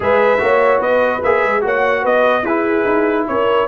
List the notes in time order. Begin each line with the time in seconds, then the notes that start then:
0.00 G#3 G#4 B4 E5
0.38 A#3 F#4 C#5
0.79 B3 B4 D#5
1.23 A#3 G#4 E5
1.44 G#3
1.61 A#3 F#4 C#5 F#5
2.02 B3 B4 D#5
2.43 E4 G#4 B4
2.84 D#4
3.27 C#4 A#4 C#5